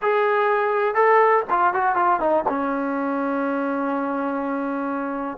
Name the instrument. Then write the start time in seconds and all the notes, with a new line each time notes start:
trombone
0.02 G#4
0.94 A4
1.49 F4
1.73 F#4
1.95 F4
2.20 D#4
2.48 C#4